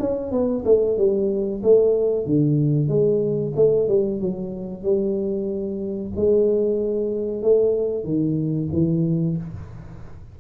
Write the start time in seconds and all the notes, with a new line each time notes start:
0.00 C#4
0.32 B3
0.65 A3
0.98 G3
1.64 A3
2.26 D3
2.89 G#3
3.56 A3
3.89 G3
4.21 F#3
4.83 G3
6.16 G#3
7.43 A3
8.05 D#3
8.73 E3